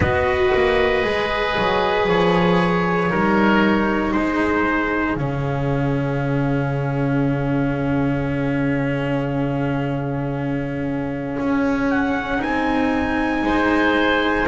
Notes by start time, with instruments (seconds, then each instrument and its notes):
0.00 double bass B3, cello F#4, oboe B4, trumpet D#5
0.55 double bass A#3
1.03 double bass G#3, cello G#4
1.58 double bass F#3
2.07 double bass F3, trumpet C#5
3.09 double bass G3, cello D#4, oboe A#4
4.12 double bass G#3, oboe G#4, trumpet C5
5.15 double bass C#3, cello C#4, trumpet F5
11.39 double bass C#4
11.90 trumpet F#5
12.37 double bass C4, cello D#4, trumpet G#5
13.42 double bass G#3, oboe C5